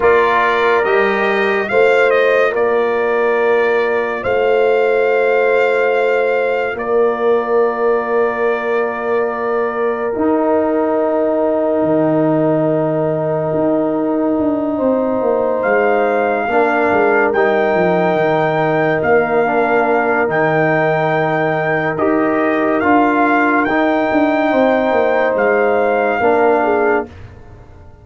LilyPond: <<
  \new Staff \with { instrumentName = "trumpet" } { \time 4/4 \tempo 4 = 71 d''4 dis''4 f''8 dis''8 d''4~ | d''4 f''2. | d''1 | g''1~ |
g''2~ g''8 f''4.~ | f''8 g''2 f''4. | g''2 dis''4 f''4 | g''2 f''2 | }
  \new Staff \with { instrumentName = "horn" } { \time 4/4 ais'2 c''4 ais'4~ | ais'4 c''2. | ais'1~ | ais'1~ |
ais'4. c''2 ais'8~ | ais'1~ | ais'1~ | ais'4 c''2 ais'8 gis'8 | }
  \new Staff \with { instrumentName = "trombone" } { \time 4/4 f'4 g'4 f'2~ | f'1~ | f'1 | dis'1~ |
dis'2.~ dis'8 d'8~ | d'8 dis'2~ dis'8 d'4 | dis'2 g'4 f'4 | dis'2. d'4 | }
  \new Staff \with { instrumentName = "tuba" } { \time 4/4 ais4 g4 a4 ais4~ | ais4 a2. | ais1 | dis'2 dis2 |
dis'4 d'8 c'8 ais8 gis4 ais8 | gis8 g8 f8 dis4 ais4. | dis2 dis'4 d'4 | dis'8 d'8 c'8 ais8 gis4 ais4 | }
>>